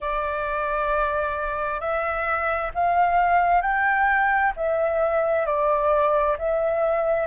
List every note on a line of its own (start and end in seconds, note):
0.00 1.80 D5
1.80 2.71 E5
2.74 3.61 F5
3.61 4.52 G5
4.56 5.45 E5
5.45 6.36 D5
6.38 7.27 E5